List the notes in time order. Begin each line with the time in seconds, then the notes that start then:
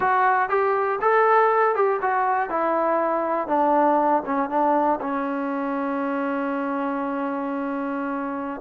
0.00 F#4
0.49 G4
1.01 A4
1.75 G4
2.01 F#4
2.49 E4
3.47 D4
4.25 C#4
4.49 D4
5.00 C#4